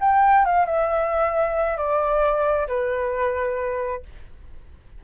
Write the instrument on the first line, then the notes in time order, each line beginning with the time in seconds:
flute
0.00 G5
0.45 F5
0.65 E5
1.77 D5
2.67 B4